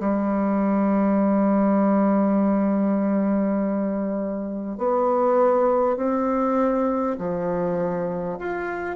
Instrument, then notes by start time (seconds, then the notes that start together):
bassoon
0.00 G3
4.77 B3
5.97 C4
7.18 F3
8.39 F4